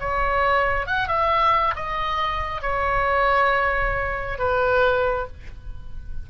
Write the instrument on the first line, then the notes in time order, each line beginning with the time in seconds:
oboe
0.00 C#5
0.87 F#5
1.08 E5
1.75 D#5
2.61 C#5
4.38 B4